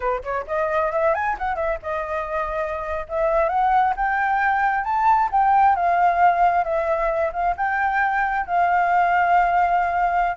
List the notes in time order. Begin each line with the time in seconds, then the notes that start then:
0.00 B4
0.23 C#5
0.47 D#5
0.92 E5
1.14 G#5
1.38 F#5
1.55 E5
1.82 D#5
3.08 E5
3.48 F#5
3.96 G5
4.84 A5
5.31 G5
5.75 F5
6.63 E5
7.32 F5
7.57 G5
8.46 F5